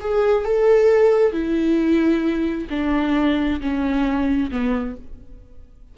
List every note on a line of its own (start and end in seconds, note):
0.00 0.44 G#4
0.44 1.32 A4
1.32 2.67 E4
2.70 3.60 D4
3.60 4.51 C#4
4.51 4.96 B3